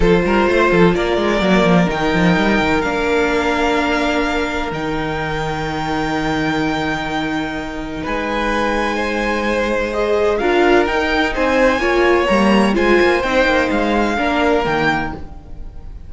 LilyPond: <<
  \new Staff \with { instrumentName = "violin" } { \time 4/4 \tempo 4 = 127 c''2 d''2 | g''2 f''2~ | f''2 g''2~ | g''1~ |
g''4 gis''2.~ | gis''4 dis''4 f''4 g''4 | gis''2 ais''4 gis''4 | g''4 f''2 g''4 | }
  \new Staff \with { instrumentName = "violin" } { \time 4/4 a'8 ais'8 c''8 a'8 ais'2~ | ais'1~ | ais'1~ | ais'1~ |
ais'4 b'2 c''4~ | c''2 ais'2 | c''4 cis''2 c''4~ | c''2 ais'2 | }
  \new Staff \with { instrumentName = "viola" } { \time 4/4 f'2. ais4 | dis'2 d'2~ | d'2 dis'2~ | dis'1~ |
dis'1~ | dis'4 gis'4 f'4 dis'4~ | dis'4 f'4 ais4 f'4 | dis'2 d'4 ais4 | }
  \new Staff \with { instrumentName = "cello" } { \time 4/4 f8 g8 a8 f8 ais8 gis8 fis8 f8 | dis8 f8 g8 dis8 ais2~ | ais2 dis2~ | dis1~ |
dis4 gis2.~ | gis2 d'4 dis'4 | c'4 ais4 g4 gis8 ais8 | c'8 ais8 gis4 ais4 dis4 | }
>>